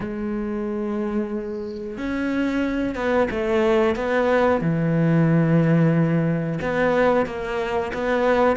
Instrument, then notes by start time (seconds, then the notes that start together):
cello
0.00 G#3
1.97 C#4
2.95 B3
3.30 A3
3.95 B3
4.61 E3
6.61 B3
7.26 A#3
7.93 B3